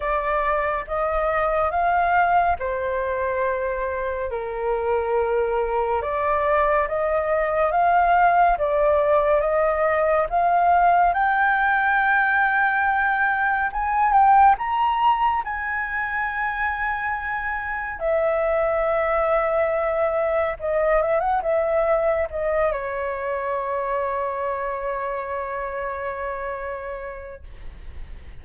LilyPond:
\new Staff \with { instrumentName = "flute" } { \time 4/4 \tempo 4 = 70 d''4 dis''4 f''4 c''4~ | c''4 ais'2 d''4 | dis''4 f''4 d''4 dis''4 | f''4 g''2. |
gis''8 g''8 ais''4 gis''2~ | gis''4 e''2. | dis''8 e''16 fis''16 e''4 dis''8 cis''4.~ | cis''1 | }